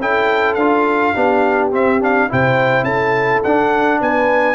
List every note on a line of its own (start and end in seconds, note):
0.00 0.56 C#4
0.00 0.58 E4
0.00 1.13 A4
0.00 0.54 G5
0.54 1.13 D4
0.54 1.14 F4
0.54 1.68 F5
1.13 1.72 B3
1.13 1.71 D4
1.13 2.28 G4
1.71 2.00 C4
1.71 2.29 C4
1.71 2.02 E5
2.00 2.29 D4
2.00 2.32 F5
2.29 2.82 C3
2.29 3.43 E4
2.29 2.85 C5
2.29 2.84 G5
2.82 3.40 C#4
2.82 3.99 A4
2.82 3.41 A5
3.43 4.00 D4
3.43 4.55 D4
3.43 4.00 F#5
4.00 4.55 B3
4.00 4.55 B4
4.00 4.55 G#5